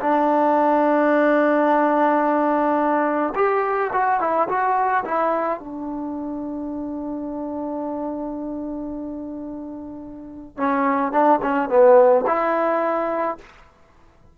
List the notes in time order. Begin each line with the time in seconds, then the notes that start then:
0.00 D4
3.35 G4
3.93 F#4
4.20 E4
4.48 F#4
5.04 E4
5.59 D4
10.57 C#4
11.12 D4
11.42 C#4
11.69 B3
12.26 E4